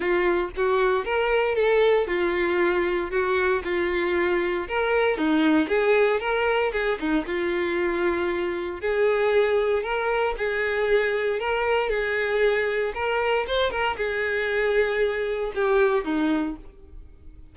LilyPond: \new Staff \with { instrumentName = "violin" } { \time 4/4 \tempo 4 = 116 f'4 fis'4 ais'4 a'4 | f'2 fis'4 f'4~ | f'4 ais'4 dis'4 gis'4 | ais'4 gis'8 dis'8 f'2~ |
f'4 gis'2 ais'4 | gis'2 ais'4 gis'4~ | gis'4 ais'4 c''8 ais'8 gis'4~ | gis'2 g'4 dis'4 | }